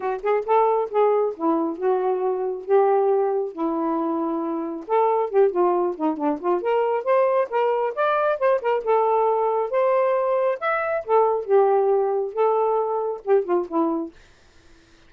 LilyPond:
\new Staff \with { instrumentName = "saxophone" } { \time 4/4 \tempo 4 = 136 fis'8 gis'8 a'4 gis'4 e'4 | fis'2 g'2 | e'2. a'4 | g'8 f'4 dis'8 d'8 f'8 ais'4 |
c''4 ais'4 d''4 c''8 ais'8 | a'2 c''2 | e''4 a'4 g'2 | a'2 g'8 f'8 e'4 | }